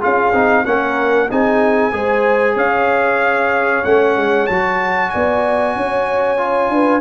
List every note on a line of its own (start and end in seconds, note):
0.00 0.33 C#4
0.00 0.33 F4
0.00 0.64 G#4
0.00 0.66 F5
0.33 0.65 C4
0.33 0.65 D#4
0.64 1.30 A#3
0.64 1.29 C#4
0.64 1.28 A#4
0.64 1.29 F#5
1.30 1.92 C4
1.30 1.93 D#4
1.30 1.94 G#4
1.30 2.58 G#5
1.92 2.56 G#3
1.92 3.84 G#4
1.92 2.55 C5
2.55 3.84 C#4
2.55 5.11 C#5
2.55 3.84 F5
3.84 4.17 A3
3.84 4.49 C#4
3.84 4.47 F#5
4.17 4.49 G#3
4.47 5.13 F#3
4.47 6.37 F#4
4.47 5.10 A5
5.10 5.76 B3
5.10 5.77 D5
5.10 7.01 G#5
5.76 6.70 C#4
5.76 6.73 C#5
6.37 7.01 F4
6.70 7.01 D4
6.70 7.01 B4